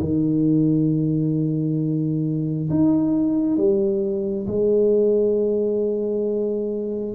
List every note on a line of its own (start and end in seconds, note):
0.00 2.69 D#3
2.69 3.57 D#4
3.57 4.47 G3
4.47 7.15 G#3